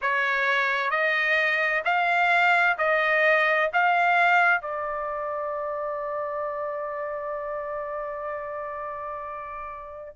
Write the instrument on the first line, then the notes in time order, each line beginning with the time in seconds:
trumpet
0.01 C#5
0.90 D#5
1.85 F5
2.78 D#5
3.73 F5
4.61 D5